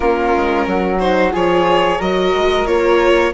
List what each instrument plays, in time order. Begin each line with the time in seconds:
0.00 bassoon A#3, viola C#4, flute F4, violin A#4
0.36 bassoon G#3
0.66 bassoon F#3, flute F#4
0.98 viola D#4, violin C5
1.30 bassoon F3, viola F4, flute G#4, violin C#5
1.98 bassoon F#3, viola F#4, flute A#4, violin D#5
2.34 bassoon G#3
2.66 bassoon A#3, viola F4, violin C#5